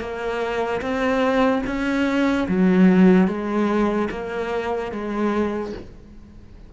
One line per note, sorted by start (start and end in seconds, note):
0.00 0.81 A#3
0.81 1.62 C4
1.66 2.47 C#4
2.48 3.27 F#3
3.27 4.08 G#3
4.11 4.91 A#3
4.91 5.72 G#3